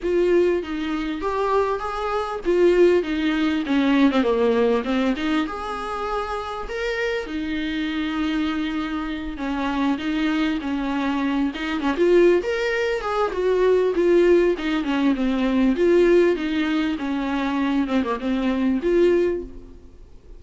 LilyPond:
\new Staff \with { instrumentName = "viola" } { \time 4/4 \tempo 4 = 99 f'4 dis'4 g'4 gis'4 | f'4 dis'4 cis'8. c'16 ais4 | c'8 dis'8 gis'2 ais'4 | dis'2.~ dis'8 cis'8~ |
cis'8 dis'4 cis'4. dis'8 cis'16 f'16~ | f'8 ais'4 gis'8 fis'4 f'4 | dis'8 cis'8 c'4 f'4 dis'4 | cis'4. c'16 ais16 c'4 f'4 | }